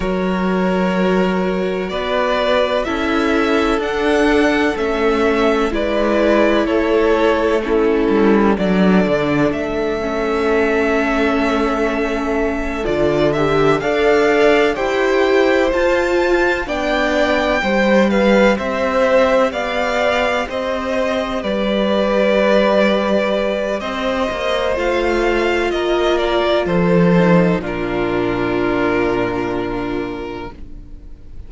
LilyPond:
<<
  \new Staff \with { instrumentName = "violin" } { \time 4/4 \tempo 4 = 63 cis''2 d''4 e''4 | fis''4 e''4 d''4 cis''4 | a'4 d''4 e''2~ | e''4. d''8 e''8 f''4 g''8~ |
g''8 a''4 g''4. f''8 e''8~ | e''8 f''4 dis''4 d''4.~ | d''4 dis''4 f''4 dis''8 d''8 | c''4 ais'2. | }
  \new Staff \with { instrumentName = "violin" } { \time 4/4 ais'2 b'4 a'4~ | a'2 b'4 a'4 | e'4 a'2.~ | a'2~ a'8 d''4 c''8~ |
c''4. d''4 c''8 b'8 c''8~ | c''8 d''4 c''4 b'4.~ | b'4 c''2 ais'4 | a'4 f'2. | }
  \new Staff \with { instrumentName = "viola" } { \time 4/4 fis'2. e'4 | d'4 cis'4 e'2 | cis'4 d'4. cis'4.~ | cis'4. f'8 g'8 a'4 g'8~ |
g'8 f'4 d'4 g'4.~ | g'1~ | g'2 f'2~ | f'8 dis'8 d'2. | }
  \new Staff \with { instrumentName = "cello" } { \time 4/4 fis2 b4 cis'4 | d'4 a4 gis4 a4~ | a8 g8 fis8 d8 a2~ | a4. d4 d'4 e'8~ |
e'8 f'4 b4 g4 c'8~ | c'8 b4 c'4 g4.~ | g4 c'8 ais8 a4 ais4 | f4 ais,2. | }
>>